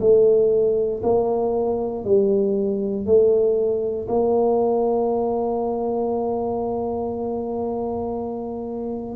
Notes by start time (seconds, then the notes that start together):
0.00 A3
1.03 A#3
2.04 G3
3.06 A3
4.08 A#3